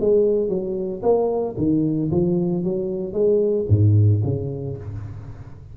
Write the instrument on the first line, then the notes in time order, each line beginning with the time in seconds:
tuba
0.00 G#3
0.49 F#3
1.03 A#3
1.57 D#3
2.11 F3
2.64 F#3
3.13 G#3
3.69 G#2
4.24 C#3